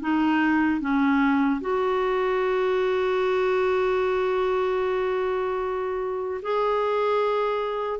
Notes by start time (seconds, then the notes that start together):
0.00 D#4
0.80 C#4
1.61 F#4
6.42 G#4